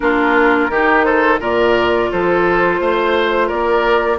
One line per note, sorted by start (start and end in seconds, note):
0.00 0.69 A#3
0.00 0.70 D4
0.00 0.70 F4
0.00 1.02 A#4
0.69 1.39 D#3
0.69 1.39 D#4
0.69 1.05 G4
1.03 1.40 A4
1.03 1.38 C5
1.39 2.09 A#2
1.39 4.18 F4
1.39 2.09 A#4
1.39 2.11 D5
2.11 2.80 F3
2.11 2.80 A4
2.11 3.48 C5
2.80 3.50 A3
2.80 3.47 C5
3.47 4.19 A#3
3.47 4.17 A#4
3.47 4.18 D5